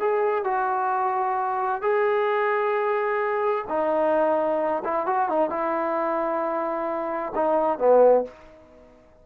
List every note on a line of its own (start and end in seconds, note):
0.00 0.45 G#4
0.45 1.82 F#4
1.82 3.65 G#4
3.69 4.83 D#4
4.84 5.06 E4
5.06 5.29 F#4
5.29 5.50 D#4
5.50 7.33 E4
7.35 7.79 D#4
7.79 8.25 B3